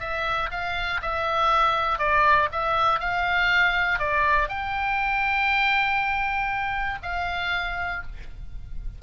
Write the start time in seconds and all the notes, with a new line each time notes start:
0.00 E5
0.51 F5
1.02 E5
1.99 D5
2.52 E5
3.00 F5
3.99 D5
4.49 G5
7.03 F5